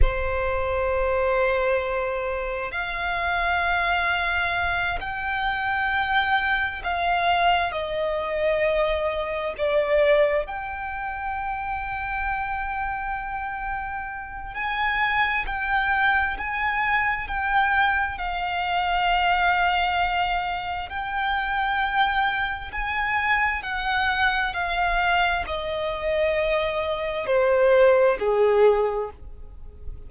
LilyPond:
\new Staff \with { instrumentName = "violin" } { \time 4/4 \tempo 4 = 66 c''2. f''4~ | f''4. g''2 f''8~ | f''8 dis''2 d''4 g''8~ | g''1 |
gis''4 g''4 gis''4 g''4 | f''2. g''4~ | g''4 gis''4 fis''4 f''4 | dis''2 c''4 gis'4 | }